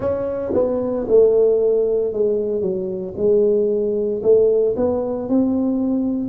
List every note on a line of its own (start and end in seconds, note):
0.00 0.52 C#4
0.54 1.06 B3
1.08 2.12 A3
2.12 2.61 G#3
2.61 3.13 F#3
3.16 4.22 G#3
4.22 4.75 A3
4.76 5.28 B3
5.28 6.28 C4